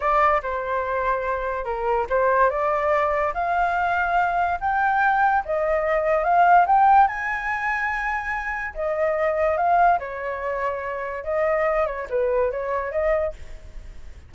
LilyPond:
\new Staff \with { instrumentName = "flute" } { \time 4/4 \tempo 4 = 144 d''4 c''2. | ais'4 c''4 d''2 | f''2. g''4~ | g''4 dis''2 f''4 |
g''4 gis''2.~ | gis''4 dis''2 f''4 | cis''2. dis''4~ | dis''8 cis''8 b'4 cis''4 dis''4 | }